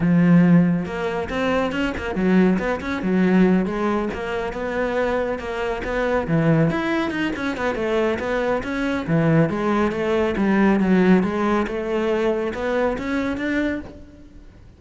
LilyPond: \new Staff \with { instrumentName = "cello" } { \time 4/4 \tempo 4 = 139 f2 ais4 c'4 | cis'8 ais8 fis4 b8 cis'8 fis4~ | fis8 gis4 ais4 b4.~ | b8 ais4 b4 e4 e'8~ |
e'8 dis'8 cis'8 b8 a4 b4 | cis'4 e4 gis4 a4 | g4 fis4 gis4 a4~ | a4 b4 cis'4 d'4 | }